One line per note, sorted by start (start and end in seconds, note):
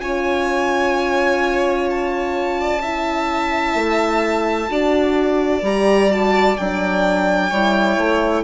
0.00 3.74 C#4
0.00 2.81 F4
0.00 2.60 C#5
0.00 1.88 G#5
1.90 5.65 A5
2.60 2.81 D5
2.81 4.69 E4
2.81 4.69 E5
3.74 4.68 A3
4.69 5.62 D4
4.69 5.62 F#4
4.69 7.50 D5
5.62 6.56 G3
5.62 6.10 G4
5.62 6.12 A#5
6.10 6.57 F#4
6.10 6.57 A5
6.57 7.51 F#3
6.57 7.53 D4
6.57 8.44 G5
7.50 7.97 G3
7.50 8.44 E4
7.50 8.43 C#5
7.97 8.44 A3